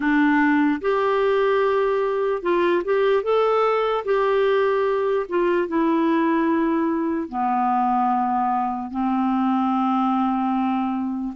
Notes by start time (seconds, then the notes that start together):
0.00 D4
0.81 G4
2.42 F4
2.84 G4
3.23 A4
4.05 G4
5.29 F4
5.68 E4
7.28 B3
8.90 C4